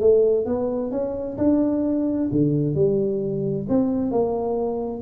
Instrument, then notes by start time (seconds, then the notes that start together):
tuba
0.00 A3
0.45 B3
0.91 C#4
1.37 D4
2.31 D3
2.75 G3
3.68 C4
4.11 A#3